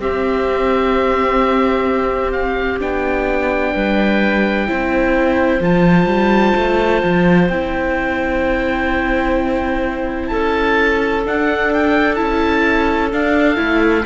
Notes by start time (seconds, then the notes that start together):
0.00 C4 G4 E5
2.32 F5
2.80 B3 D4 G5
3.74 G3 B4
4.68 C4 E4 C5
5.61 F3 F4 A5
6.06 G3
6.56 A3
7.03 F3
7.49 C4 E4 G5
10.28 C#4 A4 A5
11.25 D4 F#5
11.73 G5
12.15 C#4 E4 A5
13.13 D4 F5
13.56 A3 E4